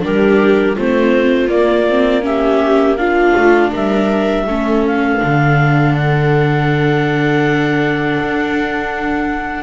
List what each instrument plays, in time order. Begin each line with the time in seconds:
0.00 double bass G3, viola D4 G4, clarinet A#4
0.75 double bass A3, viola C4 F4, clarinet C5
1.48 viola A#3, double bass A#3, clarinet D5
1.89 viola C4
2.22 viola C#4 G4, clarinet E5
2.97 viola D4 F4, clarinet F5
3.36 double bass A3
3.71 double bass G3, viola A#4, clarinet E5
4.47 double bass A3, viola C#4 A4
4.86 clarinet F5
5.19 double bass D3, viola D4
5.94 clarinet F#5
8.19 double bass D4